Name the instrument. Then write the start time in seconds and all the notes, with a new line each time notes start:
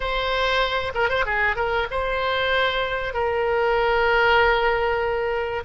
oboe
0.00 C5
0.94 A#4
1.09 C5
1.25 G#4
1.56 A#4
1.91 C5
3.13 A#4